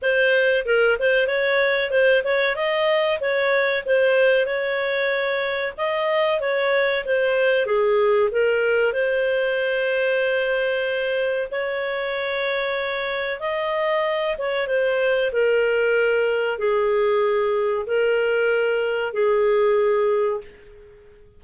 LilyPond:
\new Staff \with { instrumentName = "clarinet" } { \time 4/4 \tempo 4 = 94 c''4 ais'8 c''8 cis''4 c''8 cis''8 | dis''4 cis''4 c''4 cis''4~ | cis''4 dis''4 cis''4 c''4 | gis'4 ais'4 c''2~ |
c''2 cis''2~ | cis''4 dis''4. cis''8 c''4 | ais'2 gis'2 | ais'2 gis'2 | }